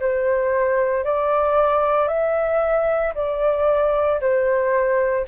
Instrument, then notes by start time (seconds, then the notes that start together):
flute
0.00 C5
1.04 D5
2.08 E5
3.15 D5
4.21 C5